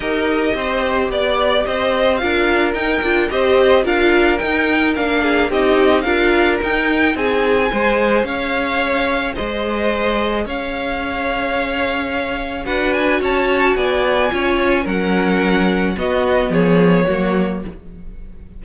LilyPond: <<
  \new Staff \with { instrumentName = "violin" } { \time 4/4 \tempo 4 = 109 dis''2 d''4 dis''4 | f''4 g''4 dis''4 f''4 | g''4 f''4 dis''4 f''4 | g''4 gis''2 f''4~ |
f''4 dis''2 f''4~ | f''2. fis''8 gis''8 | a''4 gis''2 fis''4~ | fis''4 dis''4 cis''2 | }
  \new Staff \with { instrumentName = "violin" } { \time 4/4 ais'4 c''4 d''4 c''4 | ais'2 c''4 ais'4~ | ais'4. gis'8 g'4 ais'4~ | ais'4 gis'4 c''4 cis''4~ |
cis''4 c''2 cis''4~ | cis''2. b'4 | cis''4 d''4 cis''4 ais'4~ | ais'4 fis'4 gis'4 fis'4 | }
  \new Staff \with { instrumentName = "viola" } { \time 4/4 g'1 | f'4 dis'8 f'8 g'4 f'4 | dis'4 d'4 dis'4 f'4 | dis'2 gis'2~ |
gis'1~ | gis'2. fis'4~ | fis'2 f'4 cis'4~ | cis'4 b2 ais4 | }
  \new Staff \with { instrumentName = "cello" } { \time 4/4 dis'4 c'4 b4 c'4 | d'4 dis'8 d'8 c'4 d'4 | dis'4 ais4 c'4 d'4 | dis'4 c'4 gis4 cis'4~ |
cis'4 gis2 cis'4~ | cis'2. d'4 | cis'4 b4 cis'4 fis4~ | fis4 b4 f4 fis4 | }
>>